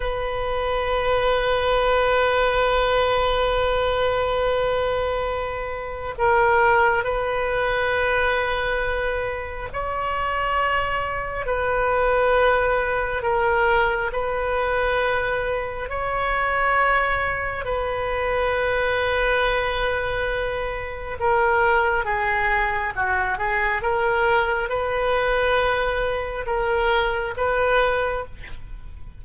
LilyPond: \new Staff \with { instrumentName = "oboe" } { \time 4/4 \tempo 4 = 68 b'1~ | b'2. ais'4 | b'2. cis''4~ | cis''4 b'2 ais'4 |
b'2 cis''2 | b'1 | ais'4 gis'4 fis'8 gis'8 ais'4 | b'2 ais'4 b'4 | }